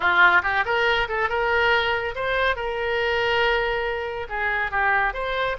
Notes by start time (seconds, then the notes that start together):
0.00 F4
0.42 G4
0.65 A#4
1.08 A4
1.29 A#4
2.15 C5
2.56 A#4
4.29 G#4
4.71 G4
5.13 C5